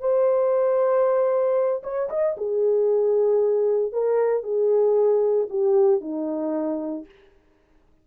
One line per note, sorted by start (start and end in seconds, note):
0.00 1.83 C5
1.83 2.09 C#5
2.10 2.36 D#5
2.37 3.93 G#4
3.93 4.43 A#4
4.43 5.48 G#4
5.49 6.01 G4
6.01 7.05 D#4